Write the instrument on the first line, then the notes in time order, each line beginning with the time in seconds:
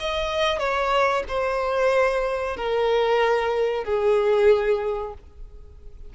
violin
0.00 D#5
0.60 C#5
1.28 C5
2.57 A#4
3.85 G#4